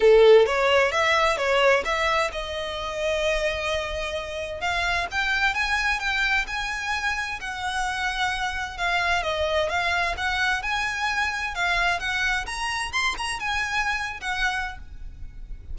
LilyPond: \new Staff \with { instrumentName = "violin" } { \time 4/4 \tempo 4 = 130 a'4 cis''4 e''4 cis''4 | e''4 dis''2.~ | dis''2 f''4 g''4 | gis''4 g''4 gis''2 |
fis''2. f''4 | dis''4 f''4 fis''4 gis''4~ | gis''4 f''4 fis''4 ais''4 | c'''8 ais''8 gis''4.~ gis''16 fis''4~ fis''16 | }